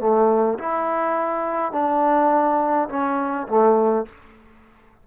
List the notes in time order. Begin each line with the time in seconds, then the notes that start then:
0.00 A3
0.59 E4
1.72 D4
2.89 C#4
3.48 A3